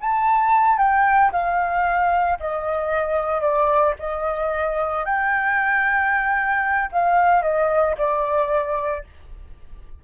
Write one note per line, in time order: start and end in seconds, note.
0.00 0.77 A5
0.77 1.31 G5
1.32 2.38 F5
2.39 3.41 D#5
3.41 3.94 D5
3.99 5.04 D#5
5.04 6.90 G5
6.91 7.42 F5
7.42 7.95 D#5
7.98 9.04 D5